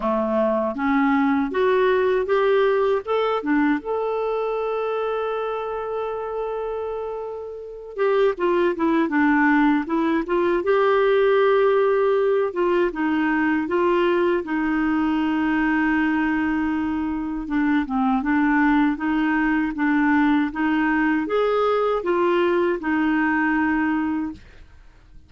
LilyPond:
\new Staff \with { instrumentName = "clarinet" } { \time 4/4 \tempo 4 = 79 a4 cis'4 fis'4 g'4 | a'8 d'8 a'2.~ | a'2~ a'8 g'8 f'8 e'8 | d'4 e'8 f'8 g'2~ |
g'8 f'8 dis'4 f'4 dis'4~ | dis'2. d'8 c'8 | d'4 dis'4 d'4 dis'4 | gis'4 f'4 dis'2 | }